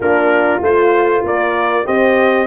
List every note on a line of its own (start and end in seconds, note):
0.00 0.60 A#3
0.00 0.60 D4
0.00 1.23 F4
0.00 0.63 A#4
0.60 1.23 A3
0.60 1.84 F4
0.60 1.25 C5
1.23 1.85 A#3
1.23 1.85 A#4
1.23 1.86 D5
1.84 2.47 C4
1.84 2.46 G4
1.84 2.47 C5
1.84 2.47 D#5